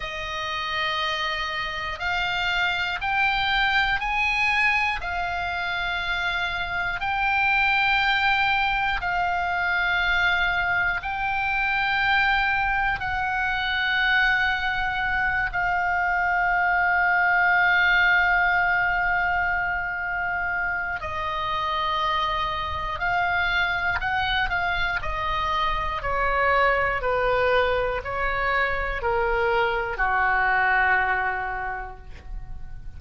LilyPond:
\new Staff \with { instrumentName = "oboe" } { \time 4/4 \tempo 4 = 60 dis''2 f''4 g''4 | gis''4 f''2 g''4~ | g''4 f''2 g''4~ | g''4 fis''2~ fis''8 f''8~ |
f''1~ | f''4 dis''2 f''4 | fis''8 f''8 dis''4 cis''4 b'4 | cis''4 ais'4 fis'2 | }